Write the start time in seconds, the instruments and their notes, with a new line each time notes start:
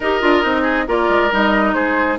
0.00 bassoon D#4, clarinet G4, oboe A#4, flute D#5
0.21 bassoon D4, clarinet F4
0.42 bassoon C4, clarinet D#4
0.62 oboe G#4
0.86 bassoon A#3, clarinet F4, oboe A#4, flute D5
1.09 bassoon G#3
1.31 bassoon G3, clarinet D#4, flute D#5
1.73 bassoon G#3, oboe G#4, flute C5